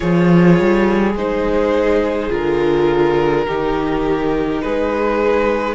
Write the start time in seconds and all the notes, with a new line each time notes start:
0.00 F3 F4 G#4 C#5
0.59 G3
1.14 G#3 D#4 C5
2.29 D3 F4 A#4
3.46 D#3 D#4 G4
4.62 G#3 G#4 B4